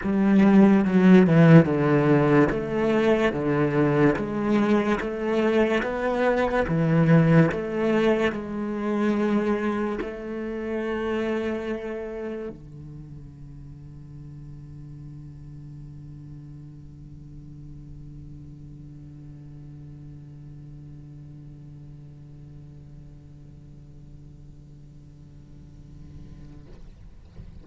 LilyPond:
\new Staff \with { instrumentName = "cello" } { \time 4/4 \tempo 4 = 72 g4 fis8 e8 d4 a4 | d4 gis4 a4 b4 | e4 a4 gis2 | a2. d4~ |
d1~ | d1~ | d1~ | d1 | }